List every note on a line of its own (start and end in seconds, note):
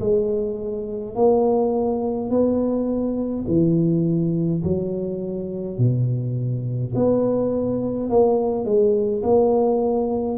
0.00 1.15 G#3
1.15 2.30 A#3
2.30 3.45 B3
3.47 4.63 E3
4.63 5.78 F#3
5.78 6.93 B2
6.95 8.10 B3
8.10 8.65 A#3
8.65 9.23 G#3
9.23 10.38 A#3